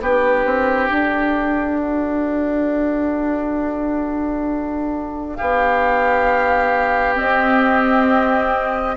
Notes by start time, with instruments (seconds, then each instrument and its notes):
0.00 bassoon B3, clarinet D4, oboe G4, flute B4
0.45 bassoon C4
0.89 bassoon D4, flute A4
1.81 oboe F#4
5.36 bassoon B3, oboe G4, flute F5
7.15 clarinet C4, bassoon C4, flute D#5